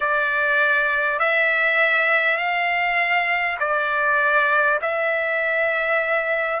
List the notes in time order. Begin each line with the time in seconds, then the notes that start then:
0.00 D5
1.19 E5
2.37 F5
3.59 D5
4.81 E5